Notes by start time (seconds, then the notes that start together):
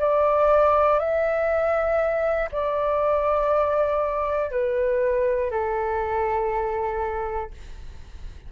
0.00 D5
1.00 E5
2.51 D5
4.50 B4
5.51 A4